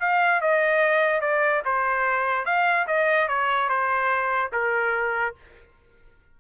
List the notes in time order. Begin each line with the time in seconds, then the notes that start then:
0.00 F5
0.41 D#5
1.21 D5
1.66 C5
2.46 F5
2.87 D#5
3.29 C#5
3.69 C5
4.53 A#4